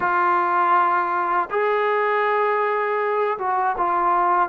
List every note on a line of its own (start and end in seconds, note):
0.00 1.49 F4
1.50 3.38 G#4
3.38 3.76 F#4
3.77 4.49 F4